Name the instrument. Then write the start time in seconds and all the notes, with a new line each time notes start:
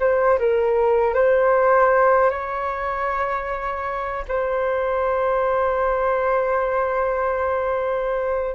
flute
0.00 C5
0.39 A#4
1.14 C5
2.31 C#5
4.29 C5